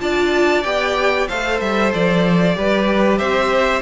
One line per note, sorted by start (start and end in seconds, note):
0.00 0.65 D4
0.00 0.64 F4
0.00 1.29 D5
0.00 0.64 A5
0.64 1.29 B3
0.64 1.29 G4
0.64 1.28 G5
1.29 1.61 A3
1.29 2.56 A4
1.29 2.56 C5
1.29 1.61 F5
1.61 1.93 G3
1.61 1.93 E5
1.94 2.57 F3
1.94 3.19 D5
2.56 3.21 G3
2.56 3.83 G4
2.56 3.19 B4
3.19 3.83 C4
3.19 3.83 C5
3.19 3.82 E5